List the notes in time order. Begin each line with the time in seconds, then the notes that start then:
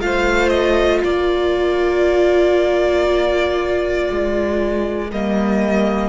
0.00 A3 F4 C5 F5
0.49 D#5
1.03 A#3 A#4 D5
4.10 G#3
5.11 G3 A#3 D#5